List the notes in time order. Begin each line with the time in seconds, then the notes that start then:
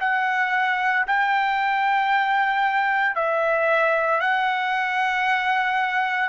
0.00 F#5
1.07 G5
3.15 E5
4.21 F#5